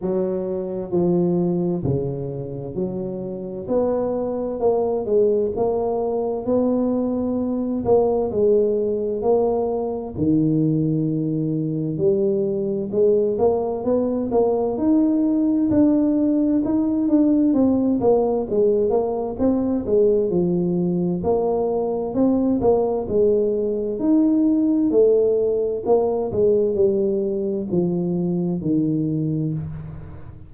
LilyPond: \new Staff \with { instrumentName = "tuba" } { \time 4/4 \tempo 4 = 65 fis4 f4 cis4 fis4 | b4 ais8 gis8 ais4 b4~ | b8 ais8 gis4 ais4 dis4~ | dis4 g4 gis8 ais8 b8 ais8 |
dis'4 d'4 dis'8 d'8 c'8 ais8 | gis8 ais8 c'8 gis8 f4 ais4 | c'8 ais8 gis4 dis'4 a4 | ais8 gis8 g4 f4 dis4 | }